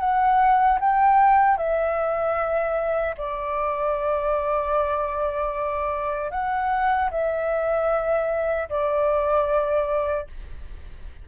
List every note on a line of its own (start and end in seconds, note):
0.00 0.79 F#5
0.80 1.58 G5
1.58 3.15 E5
3.18 6.31 D5
6.31 7.10 F#5
7.11 8.69 E5
8.69 10.27 D5